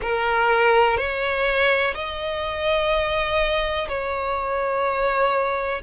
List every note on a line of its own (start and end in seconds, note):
0.02 0.97 A#4
0.97 1.94 C#5
1.94 3.88 D#5
3.88 5.82 C#5